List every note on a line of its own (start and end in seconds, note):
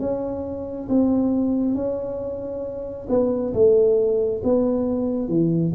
0.00 0.88 C#4
0.89 1.75 C4
1.75 3.07 C#4
3.09 3.53 B3
3.54 4.42 A3
4.44 5.29 B3
5.29 5.73 E3